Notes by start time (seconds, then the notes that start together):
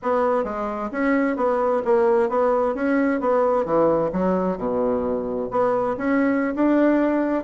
0.02 B3
0.44 G#3
0.91 C#4
1.36 B3
1.84 A#3
2.29 B3
2.74 C#4
3.20 B3
3.65 E3
4.12 F#3
4.57 B2
5.50 B3
5.97 C#4
6.55 D4